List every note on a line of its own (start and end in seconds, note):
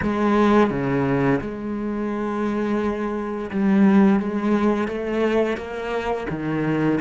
0.02 0.70 G#3
0.70 1.40 C#3
1.41 3.50 G#3
3.50 4.19 G3
4.19 4.87 G#3
4.87 5.57 A3
5.57 6.26 A#3
6.29 6.99 D#3